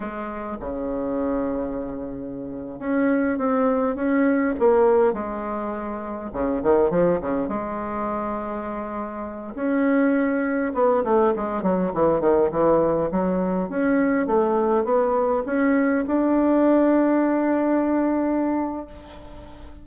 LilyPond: \new Staff \with { instrumentName = "bassoon" } { \time 4/4 \tempo 4 = 102 gis4 cis2.~ | cis8. cis'4 c'4 cis'4 ais16~ | ais8. gis2 cis8 dis8 f16~ | f16 cis8 gis2.~ gis16~ |
gis16 cis'2 b8 a8 gis8 fis16~ | fis16 e8 dis8 e4 fis4 cis'8.~ | cis'16 a4 b4 cis'4 d'8.~ | d'1 | }